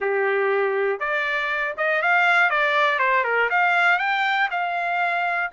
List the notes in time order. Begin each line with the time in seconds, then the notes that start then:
0.00 G4
0.99 D5
1.77 D#5
2.01 F5
2.50 D5
2.99 C5
3.24 A#4
3.50 F5
3.98 G5
4.50 F5